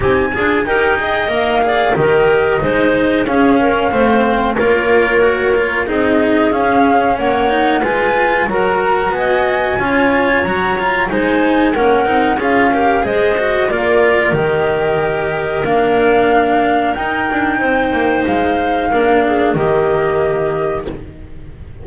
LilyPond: <<
  \new Staff \with { instrumentName = "flute" } { \time 4/4 \tempo 4 = 92 gis''4 g''4 f''4 dis''4~ | dis''4 f''2 cis''4~ | cis''4 dis''4 f''4 fis''4 | gis''4 ais''4 gis''2 |
ais''4 gis''4 fis''4 f''4 | dis''4 d''4 dis''2 | f''2 g''2 | f''2 dis''2 | }
  \new Staff \with { instrumentName = "clarinet" } { \time 4/4 g'8 gis'8 ais'8 dis''4 d''8 ais'4 | c''4 gis'8 ais'8 c''4 ais'4~ | ais'4 gis'2 cis''4 | b'4 ais'4 dis''4 cis''4~ |
cis''4 c''4 ais'4 gis'8 ais'8 | c''4 ais'2.~ | ais'2. c''4~ | c''4 ais'8 gis'8 g'2 | }
  \new Staff \with { instrumentName = "cello" } { \time 4/4 dis'8 f'8 g'8 gis'8 ais'8 gis'8 g'4 | dis'4 cis'4 c'4 f'4 | fis'8 f'8 dis'4 cis'4. dis'8 | f'4 fis'2 f'4 |
fis'8 f'8 dis'4 cis'8 dis'8 f'8 g'8 | gis'8 fis'8 f'4 g'2 | d'2 dis'2~ | dis'4 d'4 ais2 | }
  \new Staff \with { instrumentName = "double bass" } { \time 4/4 c'8 d'8 dis'4 ais4 dis4 | gis4 cis'4 a4 ais4~ | ais4 c'4 cis'4 ais4 | gis4 fis4 b4 cis'4 |
fis4 gis4 ais8 c'8 cis'4 | gis4 ais4 dis2 | ais2 dis'8 d'8 c'8 ais8 | gis4 ais4 dis2 | }
>>